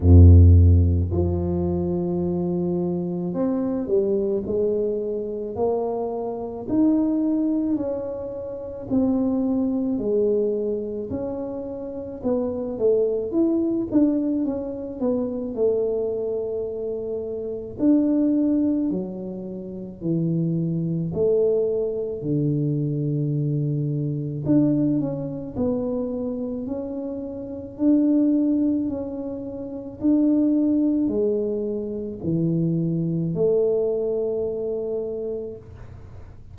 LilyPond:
\new Staff \with { instrumentName = "tuba" } { \time 4/4 \tempo 4 = 54 f,4 f2 c'8 g8 | gis4 ais4 dis'4 cis'4 | c'4 gis4 cis'4 b8 a8 | e'8 d'8 cis'8 b8 a2 |
d'4 fis4 e4 a4 | d2 d'8 cis'8 b4 | cis'4 d'4 cis'4 d'4 | gis4 e4 a2 | }